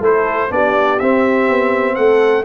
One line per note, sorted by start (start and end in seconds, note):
0.00 0.49 A3
0.00 0.49 E4
0.00 0.49 A4
0.00 0.52 C5
0.49 0.99 B3
0.49 0.98 D4
0.49 1.95 G4
0.49 0.99 D5
0.99 1.49 C4
0.99 2.44 C4
0.99 1.95 E5
1.49 1.97 B3
1.95 2.44 A3
1.95 2.44 A4
1.95 2.44 F#5